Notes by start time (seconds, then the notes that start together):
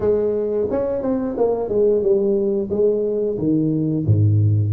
0.00 G#3
0.70 C#4
1.02 C4
1.37 A#3
1.69 G#3
2.02 G3
2.70 G#3
3.38 D#3
4.05 G#2